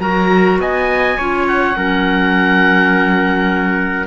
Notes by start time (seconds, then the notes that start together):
0.00 F#3 F#4 A#4 A#5
0.59 B3 D#5 G#5
1.18 C#4 F4 C#5
1.48 F#5
1.75 F#3 C#4 A#4